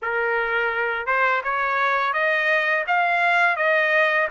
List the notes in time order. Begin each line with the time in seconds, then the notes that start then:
0.02 A#4
1.06 C5
1.43 C#5
2.13 D#5
2.87 F5
3.56 D#5